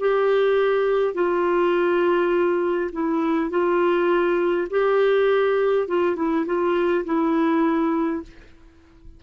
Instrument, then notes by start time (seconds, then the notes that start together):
clarinet
0.00 G4
1.14 F4
2.93 E4
3.50 F4
4.71 G4
5.88 F4
6.17 E4
6.46 F4
7.05 E4